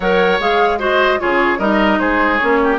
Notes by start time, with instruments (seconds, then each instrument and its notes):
0.00 bassoon F#3, clarinet A#4, oboe C#5, flute F#5
0.39 bassoon G#3, clarinet G#4, flute F5
0.79 clarinet F#4, oboe C5, flute D#5
1.19 bassoon C#3, clarinet F4, oboe G#4, flute C#5
1.58 bassoon G3, clarinet D#4, oboe A#4, flute D#5
1.99 bassoon G#3, oboe G#4, flute C5
2.37 bassoon A#3, clarinet C#4, flute C#5
2.63 oboe G4